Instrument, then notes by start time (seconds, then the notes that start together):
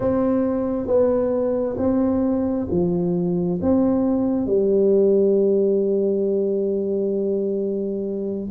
tuba
0.00 C4
0.87 B3
1.77 C4
2.70 F3
3.61 C4
4.46 G3